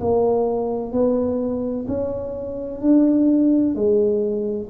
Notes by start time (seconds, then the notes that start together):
0.00 A#3
0.92 B3
1.87 C#4
2.81 D4
3.75 G#3